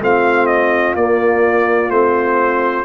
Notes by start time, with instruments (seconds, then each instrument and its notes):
0.00 tuba A3, trombone C4, horn F4, trumpet F5
0.46 trumpet D#5
0.95 tuba A#3, trombone A#3, trumpet D5
1.89 tuba A3, trombone C4, trumpet C5